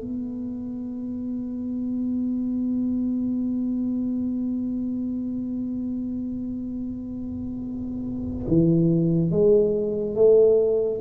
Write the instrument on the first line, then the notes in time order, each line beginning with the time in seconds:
tuba
0.00 B3
8.48 E3
9.31 G#3
10.15 A3